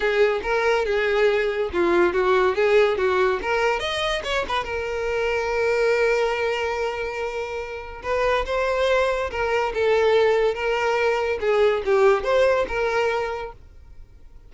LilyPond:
\new Staff \with { instrumentName = "violin" } { \time 4/4 \tempo 4 = 142 gis'4 ais'4 gis'2 | f'4 fis'4 gis'4 fis'4 | ais'4 dis''4 cis''8 b'8 ais'4~ | ais'1~ |
ais'2. b'4 | c''2 ais'4 a'4~ | a'4 ais'2 gis'4 | g'4 c''4 ais'2 | }